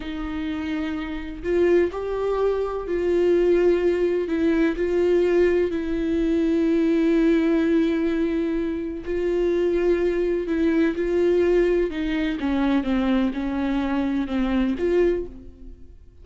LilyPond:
\new Staff \with { instrumentName = "viola" } { \time 4/4 \tempo 4 = 126 dis'2. f'4 | g'2 f'2~ | f'4 e'4 f'2 | e'1~ |
e'2. f'4~ | f'2 e'4 f'4~ | f'4 dis'4 cis'4 c'4 | cis'2 c'4 f'4 | }